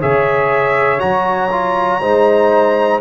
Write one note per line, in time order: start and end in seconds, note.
0.00 1.02 C#3
0.00 0.99 G#4
0.00 2.01 C#5
0.00 1.00 E5
0.99 2.02 F#3
0.99 1.49 F#4
0.99 3.00 A#5
1.51 2.01 F4
2.01 3.00 G#3
2.01 3.00 D#4
2.01 3.00 C5